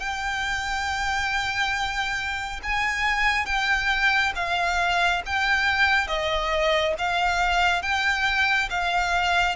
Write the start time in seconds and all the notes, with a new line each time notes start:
0.00 G5
2.63 G#5
3.46 G5
4.36 F5
5.26 G5
6.08 D#5
6.98 F5
7.82 G5
8.70 F5